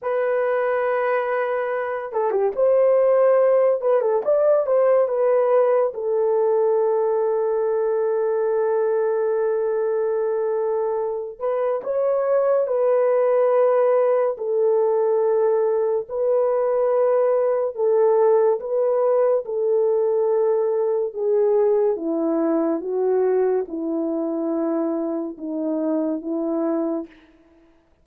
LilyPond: \new Staff \with { instrumentName = "horn" } { \time 4/4 \tempo 4 = 71 b'2~ b'8 a'16 g'16 c''4~ | c''8 b'16 a'16 d''8 c''8 b'4 a'4~ | a'1~ | a'4. b'8 cis''4 b'4~ |
b'4 a'2 b'4~ | b'4 a'4 b'4 a'4~ | a'4 gis'4 e'4 fis'4 | e'2 dis'4 e'4 | }